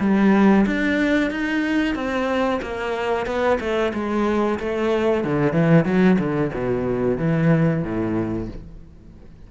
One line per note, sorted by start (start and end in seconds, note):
0.00 0.65 G3
0.66 1.30 D4
1.30 1.95 D#4
1.95 2.60 C4
2.62 3.26 A#3
3.26 3.59 B3
3.60 3.93 A3
3.94 4.59 G#3
4.59 5.24 A3
5.24 5.53 D3
5.53 5.85 E3
5.85 6.18 F#3
6.19 6.52 D3
6.53 7.18 B2
7.18 7.83 E3
7.83 8.48 A2